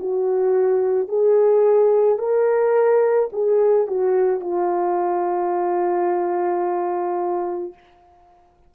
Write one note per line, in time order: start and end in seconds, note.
0.00 1.09 F#4
1.09 2.19 G#4
2.19 3.30 A#4
3.33 3.87 G#4
3.87 4.40 F#4
4.40 7.74 F4